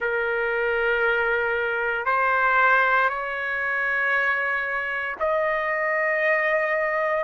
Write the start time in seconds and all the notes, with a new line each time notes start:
0.00 A#4
2.05 C5
3.08 C#5
5.20 D#5